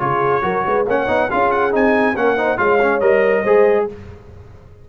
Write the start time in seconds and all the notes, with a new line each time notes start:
0.00 C#3 F4 G#4 C#5
0.42 F#3 F#4 A#4
0.66 G#3 B4
0.87 A#3 C#4 C#5 F#5
1.08 B3 D#4
1.30 C#4 F4 G#4 F5
1.52 F#5
1.72 C4 D#4 G#5
2.16 A#3 C#4 A#4 F#5
2.37 D#4 C5
2.58 G#3 F4 C#5 F5
2.82 C#4
3.01 G3 A#4 D#5
3.44 G#3 G#4 C5